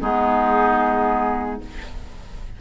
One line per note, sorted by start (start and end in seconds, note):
0.00 1.61 G#3
0.00 1.60 B3
0.00 1.60 D#4
0.00 1.61 G#4